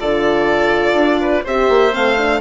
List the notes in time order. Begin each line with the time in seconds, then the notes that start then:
0.00 D3 F4 A4 D5
0.94 D4
1.21 B4
1.44 C4 G4 C5 E5
1.69 A#3
1.92 A3 C4 F5
2.17 D4